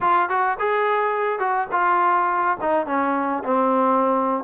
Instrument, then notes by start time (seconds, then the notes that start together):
trombone
0.01 F4
0.29 F#4
0.59 G#4
1.39 F#4
1.71 F4
2.60 D#4
2.86 C#4
3.44 C4